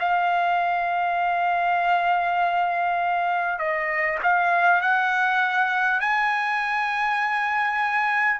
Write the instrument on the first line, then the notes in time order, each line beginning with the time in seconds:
trumpet
0.00 F5
3.58 D#5
4.23 F5
4.82 F#5
6.01 G#5